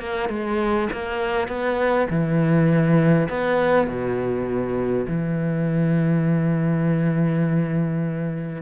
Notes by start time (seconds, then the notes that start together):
0.00 A#3
0.29 G#3
0.93 A#3
1.48 B3
2.10 E3
3.29 B3
3.87 B2
5.07 E3